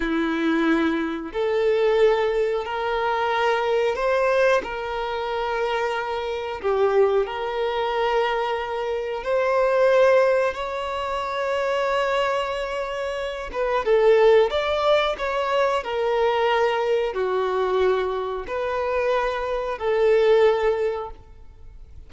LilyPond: \new Staff \with { instrumentName = "violin" } { \time 4/4 \tempo 4 = 91 e'2 a'2 | ais'2 c''4 ais'4~ | ais'2 g'4 ais'4~ | ais'2 c''2 |
cis''1~ | cis''8 b'8 a'4 d''4 cis''4 | ais'2 fis'2 | b'2 a'2 | }